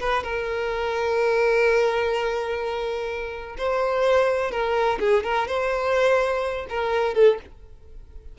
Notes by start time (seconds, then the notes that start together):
0.00 B4
0.24 A#4
3.58 C5
4.52 A#4
5.00 G#4
5.24 A#4
5.48 C5
6.70 A#4
7.15 A4